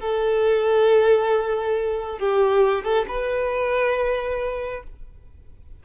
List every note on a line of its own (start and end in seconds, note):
0.00 2.19 A4
2.19 2.84 G4
2.84 3.06 A4
3.08 4.83 B4